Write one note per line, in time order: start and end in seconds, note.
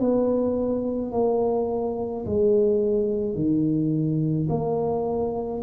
0.00 1.12 B3
1.12 2.25 A#3
2.26 3.36 G#3
3.36 4.49 D#3
4.50 5.63 A#3